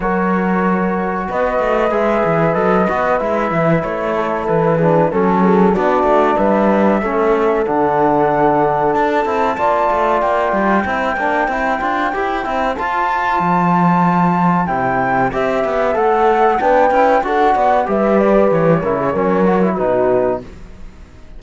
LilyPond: <<
  \new Staff \with { instrumentName = "flute" } { \time 4/4 \tempo 4 = 94 cis''2 dis''4 e''4 | dis''4 e''4 cis''4 b'4 | a'4 d''4 e''2 | fis''2 a''2 |
g''1 | a''2. g''4 | e''4 fis''4 g''4 fis''4 | e''8 d''8 cis''2 b'4 | }
  \new Staff \with { instrumentName = "horn" } { \time 4/4 ais'2 b'2~ | b'2~ b'8 a'4 gis'8 | a'8 gis'8 fis'4 b'4 a'4~ | a'2. d''4~ |
d''4 c''2.~ | c''1~ | c''2 b'4 a'8 d''8 | b'4. ais'16 gis'16 ais'4 fis'4 | }
  \new Staff \with { instrumentName = "trombone" } { \time 4/4 fis'2. gis'4 | a'8 fis'8 e'2~ e'8 d'8 | cis'4 d'2 cis'4 | d'2~ d'8 e'8 f'4~ |
f'4 e'8 d'8 e'8 f'8 g'8 e'8 | f'2. e'4 | g'4 a'4 d'8 e'8 fis'4 | g'4. e'8 cis'8 fis'16 e'16 dis'4 | }
  \new Staff \with { instrumentName = "cello" } { \time 4/4 fis2 b8 a8 gis8 e8 | fis8 b8 gis8 e8 a4 e4 | fis4 b8 a8 g4 a4 | d2 d'8 c'8 ais8 a8 |
ais8 g8 c'8 ais8 c'8 d'8 e'8 c'8 | f'4 f2 c4 | c'8 b8 a4 b8 cis'8 d'8 b8 | g4 e8 cis8 fis4 b,4 | }
>>